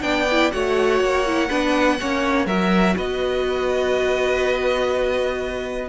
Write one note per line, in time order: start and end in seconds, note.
0.00 0.51 B3
0.00 0.24 D4
0.00 0.53 D5
0.00 0.51 G5
0.32 0.52 E4
0.51 1.00 A3
0.51 1.25 F#4
0.51 1.49 C#5
0.51 2.47 F#5
1.00 1.49 A#3
1.26 1.49 E4
1.49 2.01 B3
1.49 1.98 D4
1.49 1.98 B4
2.00 2.46 A#3
2.00 2.47 C#4
2.00 2.46 C#5
2.46 2.95 F#3
2.46 5.88 F#4
2.46 2.95 A#4
2.46 2.96 E5
2.96 5.88 B3
2.96 5.88 B4
2.96 5.88 D#5